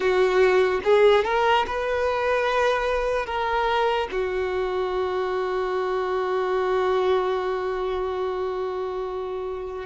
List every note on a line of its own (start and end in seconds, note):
0.00 0.80 F#4
0.84 1.24 G#4
1.24 1.65 A#4
1.66 3.25 B4
3.25 4.08 A#4
4.11 9.85 F#4